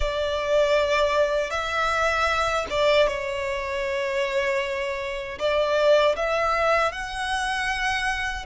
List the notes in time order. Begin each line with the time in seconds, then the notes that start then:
0.00 D5
1.50 E5
2.70 D5
3.07 C#5
5.38 D5
6.15 E5
6.92 F#5